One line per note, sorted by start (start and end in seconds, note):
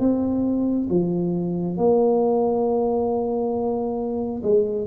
0.00 0.88 C4
0.90 1.78 F3
1.78 4.42 A#3
4.43 4.87 G#3